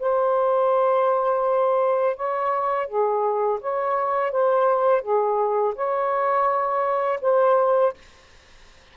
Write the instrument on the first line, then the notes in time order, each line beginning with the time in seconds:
saxophone
0.00 C5
2.17 C#5
2.88 G#4
3.61 C#5
4.32 C5
5.02 G#4
5.76 C#5
7.22 C5